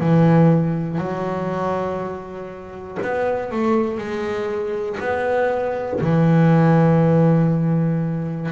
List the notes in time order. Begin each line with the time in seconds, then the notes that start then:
0.00 E3
0.98 F#3
3.02 B3
3.51 A3
3.97 G#3
5.00 B3
6.00 E3